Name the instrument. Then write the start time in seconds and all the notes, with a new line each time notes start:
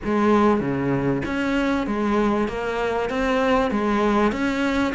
cello
0.04 G#3
0.60 C#3
1.25 C#4
1.87 G#3
2.48 A#3
3.09 C4
3.71 G#3
4.32 C#4